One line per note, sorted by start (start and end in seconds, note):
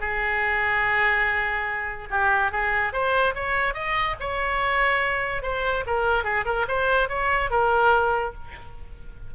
0.00 2.08 G#4
2.10 2.51 G4
2.51 2.92 G#4
2.92 3.34 C5
3.35 3.74 C#5
3.74 4.16 D#5
4.20 5.42 C#5
5.42 5.84 C5
5.86 6.24 A#4
6.24 6.45 G#4
6.45 6.66 A#4
6.68 7.09 C5
7.09 7.50 C#5
7.50 8.34 A#4